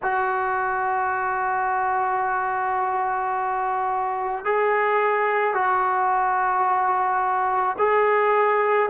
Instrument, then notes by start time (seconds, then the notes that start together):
trombone
0.02 F#4
4.44 G#4
5.54 F#4
7.78 G#4